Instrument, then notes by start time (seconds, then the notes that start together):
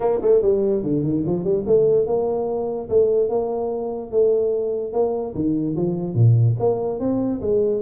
tuba
0.00 A#3
0.21 A3
0.42 G3
0.83 D3
1.03 D#3
1.26 F3
1.43 G3
1.66 A3
2.06 A#3
2.89 A3
3.29 A#3
4.11 A3
4.93 A#3
5.34 D#3
5.76 F3
6.14 A#2
6.59 A#3
6.99 C4
7.41 G#3